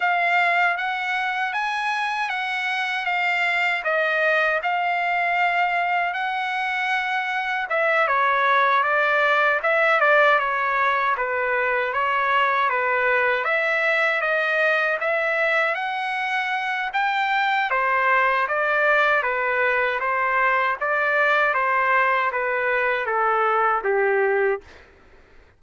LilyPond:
\new Staff \with { instrumentName = "trumpet" } { \time 4/4 \tempo 4 = 78 f''4 fis''4 gis''4 fis''4 | f''4 dis''4 f''2 | fis''2 e''8 cis''4 d''8~ | d''8 e''8 d''8 cis''4 b'4 cis''8~ |
cis''8 b'4 e''4 dis''4 e''8~ | e''8 fis''4. g''4 c''4 | d''4 b'4 c''4 d''4 | c''4 b'4 a'4 g'4 | }